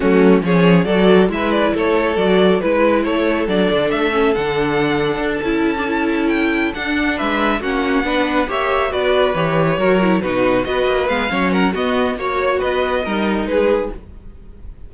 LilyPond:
<<
  \new Staff \with { instrumentName = "violin" } { \time 4/4 \tempo 4 = 138 fis'4 cis''4 d''4 e''8 d''8 | cis''4 d''4 b'4 cis''4 | d''4 e''4 fis''2~ | fis''16 a''2~ a''16 g''4 fis''8~ |
fis''8 e''4 fis''2 e''8~ | e''8 d''4 cis''2 b'8~ | b'8 dis''4 f''4 fis''8 dis''4 | cis''4 dis''2 b'4 | }
  \new Staff \with { instrumentName = "violin" } { \time 4/4 cis'4 gis'4 a'4 b'4 | a'2 b'4 a'4~ | a'1~ | a'1~ |
a'8 b'4 fis'4 b'4 cis''8~ | cis''8 b'2 ais'4 fis'8~ | fis'8 b'4. cis''8 ais'8 fis'4 | cis''4 b'4 ais'4 gis'4 | }
  \new Staff \with { instrumentName = "viola" } { \time 4/4 a4 cis'4 fis'4 e'4~ | e'4 fis'4 e'2 | d'4. cis'8 d'2~ | d'8 e'8. d'16 e'2 d'8~ |
d'4. cis'4 d'4 g'8~ | g'8 fis'4 g'4 fis'8 e'8 dis'8~ | dis'8 fis'4 b8 cis'4 b4 | fis'2 dis'2 | }
  \new Staff \with { instrumentName = "cello" } { \time 4/4 fis4 f4 fis4 gis4 | a4 fis4 gis4 a4 | fis8 d8 a4 d2 | d'8 cis'2. d'8~ |
d'8 gis4 ais4 b4 ais8~ | ais8 b4 e4 fis4 b,8~ | b,8 b8 ais8 gis8 fis4 b4 | ais4 b4 g4 gis4 | }
>>